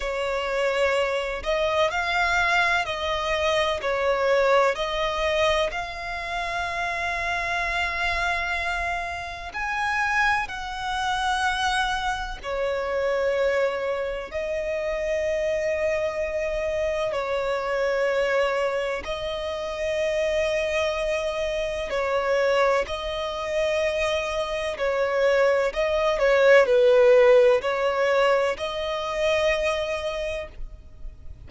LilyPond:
\new Staff \with { instrumentName = "violin" } { \time 4/4 \tempo 4 = 63 cis''4. dis''8 f''4 dis''4 | cis''4 dis''4 f''2~ | f''2 gis''4 fis''4~ | fis''4 cis''2 dis''4~ |
dis''2 cis''2 | dis''2. cis''4 | dis''2 cis''4 dis''8 cis''8 | b'4 cis''4 dis''2 | }